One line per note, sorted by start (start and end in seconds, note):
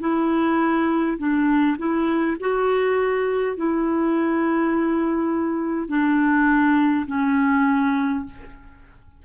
0.00 1.18 E4
1.18 1.77 D4
1.78 2.37 E4
2.40 3.57 F#4
3.57 5.88 E4
5.88 7.06 D4
7.07 8.25 C#4